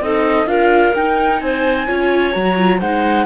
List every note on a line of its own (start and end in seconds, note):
0.00 0.46 C4
0.00 0.47 D#4
0.00 0.48 A4
0.00 0.47 D#5
0.46 0.93 D4
0.46 0.93 F4
0.46 1.41 A#4
0.46 0.94 F5
0.95 1.41 D#4
0.95 1.87 D#4
0.95 1.40 G5
1.40 1.87 C4
1.40 1.87 C5
1.40 2.33 G#5
1.87 2.35 C#4
1.87 2.32 F4
1.87 2.79 C#5
2.32 2.81 F#3
2.32 2.56 F#4
2.32 2.79 A#5
2.57 2.80 F4
2.79 3.26 G#3
2.79 3.26 D#4
2.79 3.25 C5
2.79 3.26 F#5